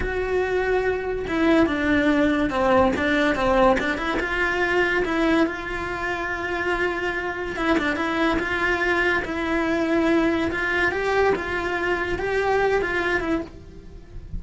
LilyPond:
\new Staff \with { instrumentName = "cello" } { \time 4/4 \tempo 4 = 143 fis'2. e'4 | d'2 c'4 d'4 | c'4 d'8 e'8 f'2 | e'4 f'2.~ |
f'2 e'8 d'8 e'4 | f'2 e'2~ | e'4 f'4 g'4 f'4~ | f'4 g'4. f'4 e'8 | }